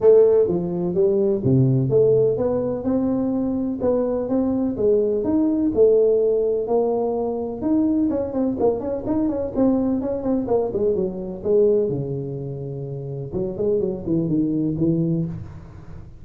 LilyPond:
\new Staff \with { instrumentName = "tuba" } { \time 4/4 \tempo 4 = 126 a4 f4 g4 c4 | a4 b4 c'2 | b4 c'4 gis4 dis'4 | a2 ais2 |
dis'4 cis'8 c'8 ais8 cis'8 dis'8 cis'8 | c'4 cis'8 c'8 ais8 gis8 fis4 | gis4 cis2. | fis8 gis8 fis8 e8 dis4 e4 | }